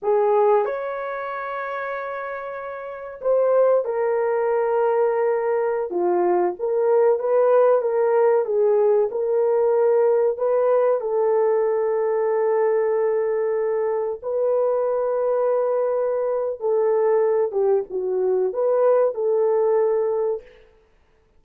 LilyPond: \new Staff \with { instrumentName = "horn" } { \time 4/4 \tempo 4 = 94 gis'4 cis''2.~ | cis''4 c''4 ais'2~ | ais'4~ ais'16 f'4 ais'4 b'8.~ | b'16 ais'4 gis'4 ais'4.~ ais'16~ |
ais'16 b'4 a'2~ a'8.~ | a'2~ a'16 b'4.~ b'16~ | b'2 a'4. g'8 | fis'4 b'4 a'2 | }